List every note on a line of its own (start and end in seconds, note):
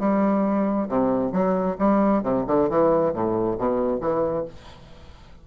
0.00 0.89 G3
0.89 1.33 C3
1.33 1.77 F#3
1.79 2.23 G3
2.23 2.45 C3
2.48 2.70 D3
2.70 3.14 E3
3.14 3.58 A2
3.59 4.01 B2
4.01 4.46 E3